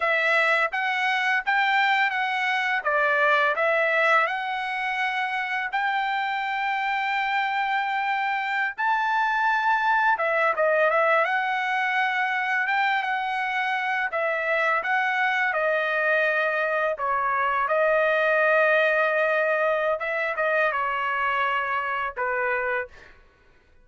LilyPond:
\new Staff \with { instrumentName = "trumpet" } { \time 4/4 \tempo 4 = 84 e''4 fis''4 g''4 fis''4 | d''4 e''4 fis''2 | g''1~ | g''16 a''2 e''8 dis''8 e''8 fis''16~ |
fis''4.~ fis''16 g''8 fis''4. e''16~ | e''8. fis''4 dis''2 cis''16~ | cis''8. dis''2.~ dis''16 | e''8 dis''8 cis''2 b'4 | }